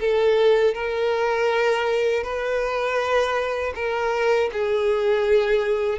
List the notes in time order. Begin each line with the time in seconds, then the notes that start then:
0.00 A4
0.74 A#4
2.23 B4
3.75 A#4
4.52 G#4